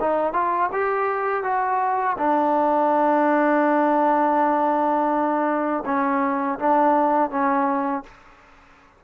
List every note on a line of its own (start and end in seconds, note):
0.00 0.33 D#4
0.33 0.70 F4
0.73 1.43 G4
1.43 2.17 F#4
2.18 5.84 D4
5.85 6.59 C#4
6.59 7.30 D4
7.30 8.04 C#4